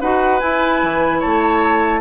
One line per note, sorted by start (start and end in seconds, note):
0.00 0.42 D#4
0.00 0.40 F#4
0.00 1.19 B4
0.00 0.39 F#5
0.39 2.00 E4
0.39 0.82 E4
0.39 1.20 G#5
0.83 1.23 E3
1.19 2.00 A3
1.19 2.00 C#5
1.19 2.00 A5